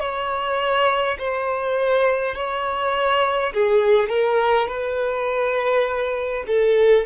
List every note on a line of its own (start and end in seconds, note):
0.00 1.18 C#5
1.19 2.35 C5
2.35 3.53 C#5
3.54 4.09 G#4
4.09 4.68 A#4
4.68 6.44 B4
6.48 7.06 A4